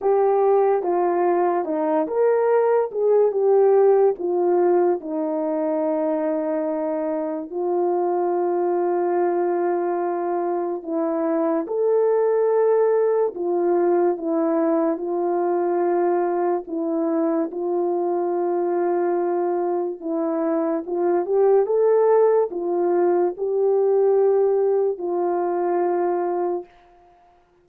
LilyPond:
\new Staff \with { instrumentName = "horn" } { \time 4/4 \tempo 4 = 72 g'4 f'4 dis'8 ais'4 gis'8 | g'4 f'4 dis'2~ | dis'4 f'2.~ | f'4 e'4 a'2 |
f'4 e'4 f'2 | e'4 f'2. | e'4 f'8 g'8 a'4 f'4 | g'2 f'2 | }